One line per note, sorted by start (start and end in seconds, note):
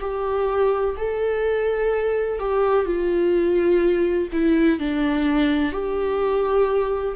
0.00 0.95 G4
0.97 2.39 A4
2.39 2.85 G4
2.85 4.28 F4
4.32 4.79 E4
4.79 5.72 D4
5.72 7.15 G4